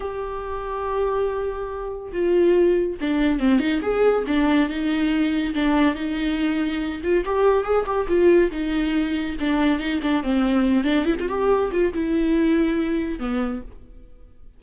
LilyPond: \new Staff \with { instrumentName = "viola" } { \time 4/4 \tempo 4 = 141 g'1~ | g'4 f'2 d'4 | c'8 dis'8 gis'4 d'4 dis'4~ | dis'4 d'4 dis'2~ |
dis'8 f'8 g'4 gis'8 g'8 f'4 | dis'2 d'4 dis'8 d'8 | c'4. d'8 e'16 f'16 g'4 f'8 | e'2. b4 | }